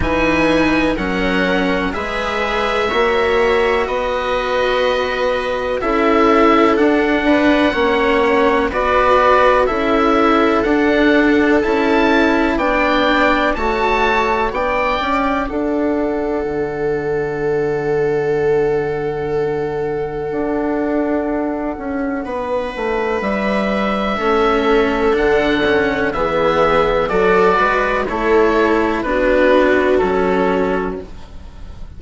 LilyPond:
<<
  \new Staff \with { instrumentName = "oboe" } { \time 4/4 \tempo 4 = 62 gis''4 fis''4 e''2 | dis''2 e''4 fis''4~ | fis''4 d''4 e''4 fis''4 | a''4 g''4 a''4 g''4 |
fis''1~ | fis''1 | e''2 fis''4 e''4 | d''4 cis''4 b'4 a'4 | }
  \new Staff \with { instrumentName = "viola" } { \time 4/4 b'4 ais'4 b'4 cis''4 | b'2 a'4. b'8 | cis''4 b'4 a'2~ | a'4 d''4 cis''4 d''4 |
a'1~ | a'2. b'4~ | b'4 a'2 gis'4 | a'8 b'8 a'4 fis'2 | }
  \new Staff \with { instrumentName = "cello" } { \time 4/4 dis'4 cis'4 gis'4 fis'4~ | fis'2 e'4 d'4 | cis'4 fis'4 e'4 d'4 | e'4 d'4 fis'4 d'4~ |
d'1~ | d'1~ | d'4 cis'4 d'8 cis'8 b4 | fis'4 e'4 d'4 cis'4 | }
  \new Staff \with { instrumentName = "bassoon" } { \time 4/4 e4 fis4 gis4 ais4 | b2 cis'4 d'4 | ais4 b4 cis'4 d'4 | cis'4 b4 a4 b8 cis'8 |
d'4 d2.~ | d4 d'4. cis'8 b8 a8 | g4 a4 d4 e4 | fis8 gis8 a4 b4 fis4 | }
>>